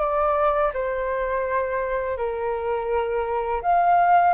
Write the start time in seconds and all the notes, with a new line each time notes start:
0.00 D5
0.74 C5
2.18 A#4
3.62 F5